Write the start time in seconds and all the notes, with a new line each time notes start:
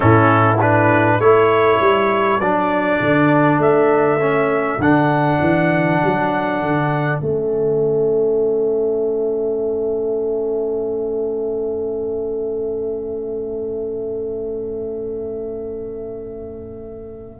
0.00 A2 C#4 E4 A4
0.60 D4 B4
1.18 A3 E4 A4 C#5
1.80 G3
2.39 F#3 D4 D5
3.00 D3
3.58 A3 E5
4.19 C#4
4.78 D3 D4 F#5
5.41 E3
6.03 F#3
6.61 D3
7.19 A3 C#4 E5